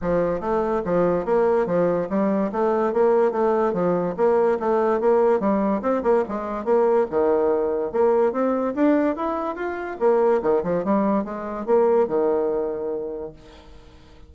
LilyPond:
\new Staff \with { instrumentName = "bassoon" } { \time 4/4 \tempo 4 = 144 f4 a4 f4 ais4 | f4 g4 a4 ais4 | a4 f4 ais4 a4 | ais4 g4 c'8 ais8 gis4 |
ais4 dis2 ais4 | c'4 d'4 e'4 f'4 | ais4 dis8 f8 g4 gis4 | ais4 dis2. | }